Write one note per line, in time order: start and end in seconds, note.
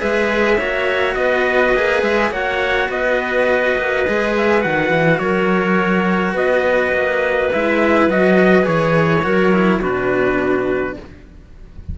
0.00 0.58 G#3
0.00 0.58 G#4
0.00 0.58 B4
0.00 1.15 E5
0.58 1.16 A#3
0.58 1.77 F#4
0.58 1.16 C#5
1.15 1.74 B3
1.15 2.32 B4
1.15 2.02 D#5
1.74 2.03 A#3
1.74 2.33 G#4
2.03 2.31 G#3
2.03 2.32 E5
2.31 2.88 A#3
2.31 4.06 F#4
2.31 2.90 C#5
2.31 2.90 F#5
2.89 3.76 B3
2.89 5.22 B4
2.89 4.35 D#5
3.78 4.07 A#3
4.07 4.66 G#3
4.07 4.61 G#4
4.38 4.62 E5
4.61 4.91 D#3
4.61 7.50 F#4
4.61 5.19 F#5
4.91 5.19 E3
5.19 6.34 F#3
5.19 6.34 A#4
5.19 6.35 C#5
6.34 6.92 B3
6.34 9.23 B4
6.34 7.52 D#5
6.93 7.50 A#3
7.53 8.08 G#3
7.53 8.10 E4
7.53 8.10 E5
8.08 8.66 F#3
8.08 8.63 F#4
8.08 8.66 D#5
8.63 9.25 E3
8.63 9.21 G#4
8.63 9.82 C#5
9.24 9.82 F#3
9.24 9.53 F#4
9.24 9.80 A#4
9.53 9.82 E4
9.80 10.97 B2
9.80 10.97 D4
9.80 10.96 F#4
9.80 10.99 B4